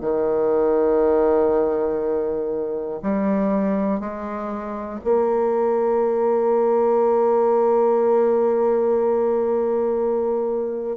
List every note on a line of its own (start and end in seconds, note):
0.00 3.00 D#3
3.02 4.00 G3
4.00 5.00 G#3
5.04 10.96 A#3